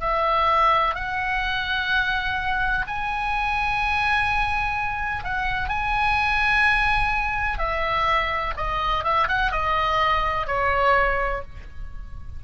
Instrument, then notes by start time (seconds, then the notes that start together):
oboe
0.00 E5
0.95 F#5
2.87 G#5
5.24 F#5
5.69 G#5
7.58 E5
8.57 D#5
9.04 E5
9.28 F#5
9.52 D#5
10.47 C#5